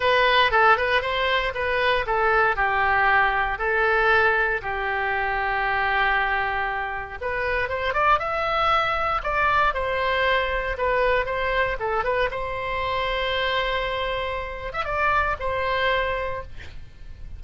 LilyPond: \new Staff \with { instrumentName = "oboe" } { \time 4/4 \tempo 4 = 117 b'4 a'8 b'8 c''4 b'4 | a'4 g'2 a'4~ | a'4 g'2.~ | g'2 b'4 c''8 d''8 |
e''2 d''4 c''4~ | c''4 b'4 c''4 a'8 b'8 | c''1~ | c''8. e''16 d''4 c''2 | }